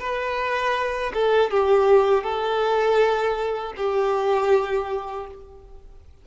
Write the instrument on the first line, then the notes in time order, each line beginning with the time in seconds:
violin
0.00 B4
1.14 A4
1.51 G4
2.24 A4
3.77 G4